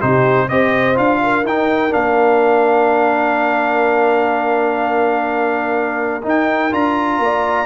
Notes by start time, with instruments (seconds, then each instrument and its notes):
0.00 tuba C3, trombone D#4, horn G4, trumpet C5
0.49 tuba C4, trombone G4, horn C5, trumpet D#5
0.96 tuba D4, trombone F4, trumpet F5
1.23 horn A#4
1.44 tuba D#4, trombone D#4, trumpet G5
1.90 tuba A#3, trombone D4, trumpet F5
6.23 trombone D#4, tuba D#4
6.29 trumpet G5
6.72 tuba D4, trombone F4, trumpet A#5
7.20 tuba A#3, horn D5